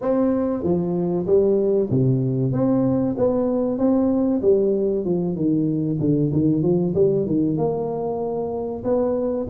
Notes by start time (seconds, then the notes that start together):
0.01 C4
0.63 F3
1.26 G3
1.90 C3
2.52 C4
3.17 B3
3.78 C4
4.41 G3
5.04 F3
5.35 D#3
6.00 D3
6.32 D#3
6.62 F3
6.94 G3
7.25 D#3
7.57 A#3
8.84 B3